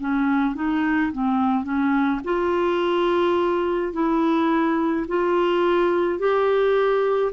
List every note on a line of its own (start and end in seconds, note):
0.00 0.55 C#4
0.55 1.12 D#4
1.12 1.64 C4
1.64 2.20 C#4
2.24 3.93 F4
3.93 5.06 E4
5.08 6.19 F4
6.19 7.32 G4